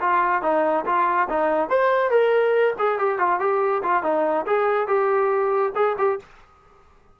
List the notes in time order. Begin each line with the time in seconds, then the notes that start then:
0.00 F4
0.42 D#4
0.85 F4
1.29 D#4
1.69 C5
2.10 A#4
2.78 G#4
2.98 G4
3.18 F4
3.39 G4
3.83 F4
4.03 D#4
4.46 G#4
4.87 G4
5.75 G#4
5.98 G4